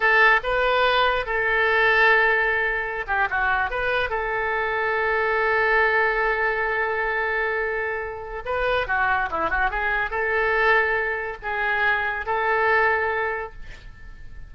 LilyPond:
\new Staff \with { instrumentName = "oboe" } { \time 4/4 \tempo 4 = 142 a'4 b'2 a'4~ | a'2.~ a'16 g'8 fis'16~ | fis'8. b'4 a'2~ a'16~ | a'1~ |
a'1 | b'4 fis'4 e'8 fis'8 gis'4 | a'2. gis'4~ | gis'4 a'2. | }